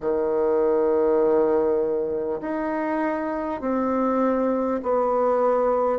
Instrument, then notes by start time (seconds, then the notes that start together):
bassoon
0.00 D#3
2.41 D#4
3.61 C4
4.82 B3